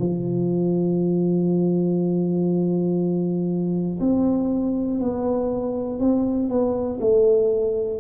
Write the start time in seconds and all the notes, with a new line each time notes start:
0.00 F3
4.00 C4
5.01 B3
6.00 C4
6.50 B3
7.01 A3